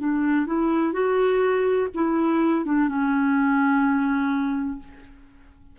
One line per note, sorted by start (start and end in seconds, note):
0.00 0.47 D4
0.47 0.93 E4
0.93 1.88 F#4
1.95 2.66 E4
2.66 2.89 D4
2.89 4.79 C#4